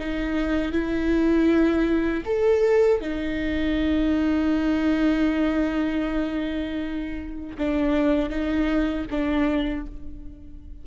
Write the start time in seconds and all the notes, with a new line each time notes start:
0.00 D#4
0.72 E4
2.26 A4
3.01 D#4
7.59 D4
8.30 D#4
9.11 D4